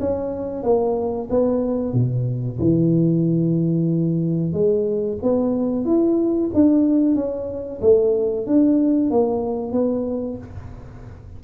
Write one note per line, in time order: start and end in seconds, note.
0.00 0.63 C#4
0.63 1.28 A#3
1.30 1.93 B3
1.93 2.58 B2
2.59 4.53 E3
4.53 5.18 G#3
5.22 5.85 B3
5.85 6.50 E4
6.54 7.15 D4
7.15 7.80 C#4
7.81 8.46 A3
8.46 9.10 D4
9.10 9.72 A#3
9.72 10.37 B3